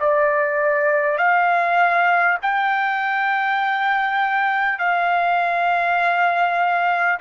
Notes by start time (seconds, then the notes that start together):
0.00 D5
1.18 F5
2.42 G5
4.79 F5